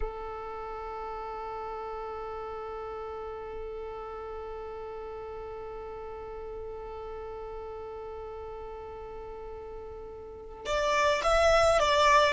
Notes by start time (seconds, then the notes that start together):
0.00 A4
10.65 D5
11.23 E5
11.79 D5